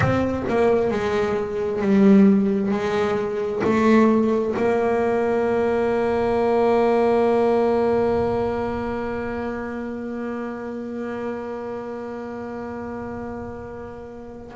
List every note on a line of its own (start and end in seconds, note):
0.00 0.43 C4
0.48 0.90 A#3
0.90 1.81 G#3
1.81 2.71 G3
2.71 3.62 G#3
3.64 4.55 A3
4.57 14.55 A#3